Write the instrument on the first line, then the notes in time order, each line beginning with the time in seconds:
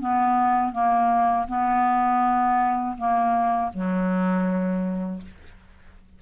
clarinet
0.00 B3
0.73 A#3
1.48 B3
2.98 A#3
3.74 F#3